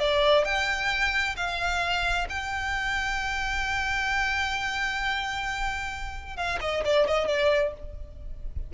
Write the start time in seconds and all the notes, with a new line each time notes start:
0.00 D5
0.45 G5
1.37 F5
2.30 G5
6.37 F5
6.61 D#5
6.85 D5
7.07 D#5
7.28 D5